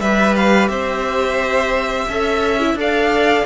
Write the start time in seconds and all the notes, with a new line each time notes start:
0.00 G3 G4 B4 E5
0.35 F5
0.68 C4 C5 E5
2.09 C#4 A4 E5
2.60 E4
2.74 D4 A4 D5 F5